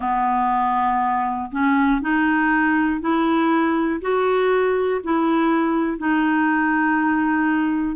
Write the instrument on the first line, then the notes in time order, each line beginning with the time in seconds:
clarinet
0.00 B3
1.51 C#4
2.01 D#4
3.00 E4
4.00 F#4
5.03 E4
5.97 D#4